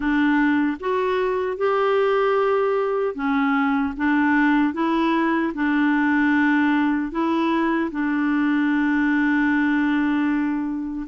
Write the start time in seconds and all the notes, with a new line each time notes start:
0.00 D4
0.80 F#4
1.57 G4
3.14 C#4
3.96 D4
4.73 E4
5.54 D4
7.11 E4
7.91 D4